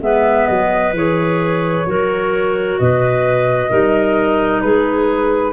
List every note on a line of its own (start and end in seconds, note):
0.00 0.47 G#3
0.00 0.92 B3
0.00 1.88 B4
0.00 0.47 E5
0.47 0.93 F#3
0.47 0.93 D#5
0.93 1.85 E3
0.93 1.86 G#4
0.93 2.78 C#5
1.86 2.79 F#3
1.86 3.69 F#4
1.86 2.80 A#4
2.78 3.72 B2
2.78 3.70 B4
2.78 4.61 D#5
3.69 4.64 G3
3.69 5.53 D#4
3.69 4.62 A#4
4.61 5.53 G#3
4.61 5.53 G#4
4.61 5.53 B4